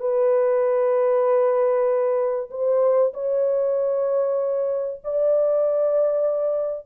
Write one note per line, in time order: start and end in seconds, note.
0.00 2.50 B4
2.51 3.13 C5
3.14 5.01 C#5
5.04 6.87 D5